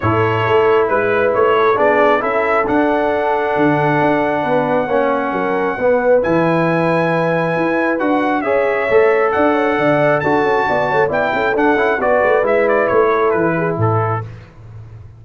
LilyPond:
<<
  \new Staff \with { instrumentName = "trumpet" } { \time 4/4 \tempo 4 = 135 cis''2 b'4 cis''4 | d''4 e''4 fis''2~ | fis''1~ | fis''2 gis''2~ |
gis''2 fis''4 e''4~ | e''4 fis''2 a''4~ | a''4 g''4 fis''4 d''4 | e''8 d''8 cis''4 b'4 a'4 | }
  \new Staff \with { instrumentName = "horn" } { \time 4/4 a'2 b'4. a'8 | gis'4 a'2.~ | a'2 b'4 cis''4 | ais'4 b'2.~ |
b'2. cis''4~ | cis''4 d''8 cis''8 d''4 a'4 | d''8 cis''8 d''8 a'4. b'4~ | b'4. a'4 gis'8 a'4 | }
  \new Staff \with { instrumentName = "trombone" } { \time 4/4 e'1 | d'4 e'4 d'2~ | d'2. cis'4~ | cis'4 b4 e'2~ |
e'2 fis'4 gis'4 | a'2. fis'4~ | fis'4 e'4 d'8 e'8 fis'4 | e'1 | }
  \new Staff \with { instrumentName = "tuba" } { \time 4/4 a,4 a4 gis4 a4 | b4 cis'4 d'2 | d4 d'4 b4 ais4 | fis4 b4 e2~ |
e4 e'4 d'4 cis'4 | a4 d'4 d4 d'8 cis'8 | b8 a8 b8 cis'8 d'8 cis'8 b8 a8 | gis4 a4 e4 a,4 | }
>>